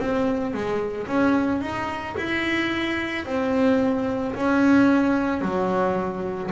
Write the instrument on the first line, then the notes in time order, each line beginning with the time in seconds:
double bass
0.00 C4
0.54 G#3
1.07 C#4
1.61 D#4
2.18 E4
3.25 C4
4.35 C#4
5.41 F#3